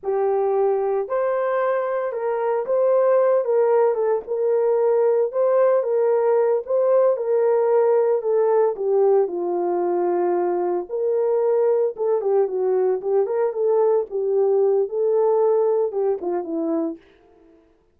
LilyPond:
\new Staff \with { instrumentName = "horn" } { \time 4/4 \tempo 4 = 113 g'2 c''2 | ais'4 c''4. ais'4 a'8 | ais'2 c''4 ais'4~ | ais'8 c''4 ais'2 a'8~ |
a'8 g'4 f'2~ f'8~ | f'8 ais'2 a'8 g'8 fis'8~ | fis'8 g'8 ais'8 a'4 g'4. | a'2 g'8 f'8 e'4 | }